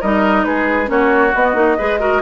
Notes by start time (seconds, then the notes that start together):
0.00 G3 D#4 A#4 D#5
0.44 G#3 G#4 B4
0.86 A#3 C#4 F#4 C#5
1.34 B3 D#5
1.54 A#3 D#4
1.77 G#3 G#4 B4
1.99 F#4 A#4